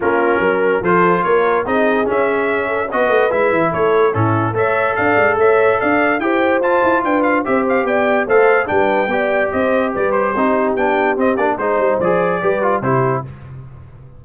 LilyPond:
<<
  \new Staff \with { instrumentName = "trumpet" } { \time 4/4 \tempo 4 = 145 ais'2 c''4 cis''4 | dis''4 e''2 dis''4 | e''4 cis''4 a'4 e''4 | f''4 e''4 f''4 g''4 |
a''4 g''8 f''8 e''8 f''8 g''4 | f''4 g''2 dis''4 | d''8 c''4. g''4 dis''8 d''8 | c''4 d''2 c''4 | }
  \new Staff \with { instrumentName = "horn" } { \time 4/4 f'4 ais'4 a'4 ais'4 | gis'2~ gis'8 a'8 b'4~ | b'4 a'4 e'4 cis''4 | d''4 cis''4 d''4 c''4~ |
c''4 b'4 c''4 d''4 | c''4 b'4 d''4 c''4 | b'4 g'2. | c''2 b'4 g'4 | }
  \new Staff \with { instrumentName = "trombone" } { \time 4/4 cis'2 f'2 | dis'4 cis'2 fis'4 | e'2 cis'4 a'4~ | a'2. g'4 |
f'2 g'2 | a'4 d'4 g'2~ | g'4 dis'4 d'4 c'8 d'8 | dis'4 gis'4 g'8 f'8 e'4 | }
  \new Staff \with { instrumentName = "tuba" } { \time 4/4 ais4 fis4 f4 ais4 | c'4 cis'2 b8 a8 | gis8 e8 a4 a,4 a4 | d'8 gis8 a4 d'4 e'4 |
f'8 e'8 d'4 c'4 b4 | a4 g4 b4 c'4 | g4 c'4 b4 c'8 ais8 | gis8 g8 f4 g4 c4 | }
>>